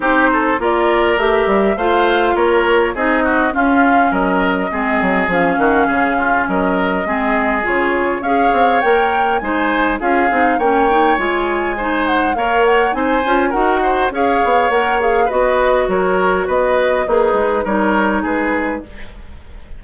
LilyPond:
<<
  \new Staff \with { instrumentName = "flute" } { \time 4/4 \tempo 4 = 102 c''4 d''4 e''4 f''4 | cis''4 dis''4 f''4 dis''4~ | dis''4 f''2 dis''4~ | dis''4 cis''4 f''4 g''4 |
gis''4 f''4 g''4 gis''4~ | gis''8 fis''8 f''8 fis''8 gis''4 fis''4 | f''4 fis''8 f''8 dis''4 cis''4 | dis''4 b'4 cis''4 b'4 | }
  \new Staff \with { instrumentName = "oboe" } { \time 4/4 g'8 a'8 ais'2 c''4 | ais'4 gis'8 fis'8 f'4 ais'4 | gis'4. fis'8 gis'8 f'8 ais'4 | gis'2 cis''2 |
c''4 gis'4 cis''2 | c''4 cis''4 c''4 ais'8 c''8 | cis''2 b'4 ais'4 | b'4 dis'4 ais'4 gis'4 | }
  \new Staff \with { instrumentName = "clarinet" } { \time 4/4 dis'4 f'4 g'4 f'4~ | f'4 dis'4 cis'2 | c'4 cis'2. | c'4 f'4 gis'4 ais'4 |
dis'4 f'8 dis'8 cis'8 dis'8 f'4 | dis'4 ais'4 dis'8 f'8 fis'4 | gis'4 ais'8 gis'8 fis'2~ | fis'4 gis'4 dis'2 | }
  \new Staff \with { instrumentName = "bassoon" } { \time 4/4 c'4 ais4 a8 g8 a4 | ais4 c'4 cis'4 fis4 | gis8 fis8 f8 dis8 cis4 fis4 | gis4 cis4 cis'8 c'8 ais4 |
gis4 cis'8 c'8 ais4 gis4~ | gis4 ais4 c'8 cis'8 dis'4 | cis'8 b8 ais4 b4 fis4 | b4 ais8 gis8 g4 gis4 | }
>>